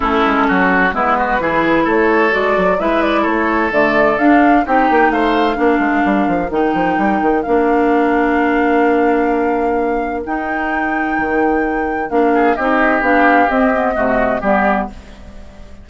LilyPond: <<
  \new Staff \with { instrumentName = "flute" } { \time 4/4 \tempo 4 = 129 a'2 b'2 | cis''4 d''4 e''8 d''8 cis''4 | d''4 f''4 g''4 f''4~ | f''2 g''2 |
f''1~ | f''2 g''2~ | g''2 f''4 dis''4 | f''4 dis''2 d''4 | }
  \new Staff \with { instrumentName = "oboe" } { \time 4/4 e'4 fis'4 e'8 fis'8 gis'4 | a'2 b'4 a'4~ | a'2 g'4 c''4 | ais'1~ |
ais'1~ | ais'1~ | ais'2~ ais'8 gis'8 g'4~ | g'2 fis'4 g'4 | }
  \new Staff \with { instrumentName = "clarinet" } { \time 4/4 cis'2 b4 e'4~ | e'4 fis'4 e'2 | a4 d'4 dis'2 | d'2 dis'2 |
d'1~ | d'2 dis'2~ | dis'2 d'4 dis'4 | d'4 c'8 b8 a4 b4 | }
  \new Staff \with { instrumentName = "bassoon" } { \time 4/4 a8 gis8 fis4 gis4 e4 | a4 gis8 fis8 gis4 a4 | d4 d'4 c'8 ais8 a4 | ais8 gis8 g8 f8 dis8 f8 g8 dis8 |
ais1~ | ais2 dis'2 | dis2 ais4 c'4 | b4 c'4 c4 g4 | }
>>